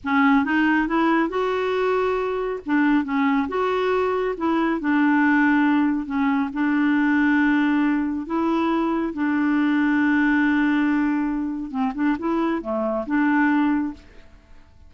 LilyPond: \new Staff \with { instrumentName = "clarinet" } { \time 4/4 \tempo 4 = 138 cis'4 dis'4 e'4 fis'4~ | fis'2 d'4 cis'4 | fis'2 e'4 d'4~ | d'2 cis'4 d'4~ |
d'2. e'4~ | e'4 d'2.~ | d'2. c'8 d'8 | e'4 a4 d'2 | }